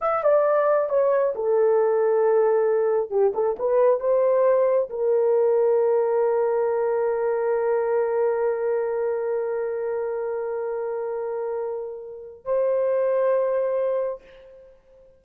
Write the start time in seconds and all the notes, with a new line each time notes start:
0.01 E5
0.23 D5
0.89 C#5
1.35 A4
3.10 G4
3.34 A4
3.58 B4
4.00 C5
4.89 A#4
12.44 C5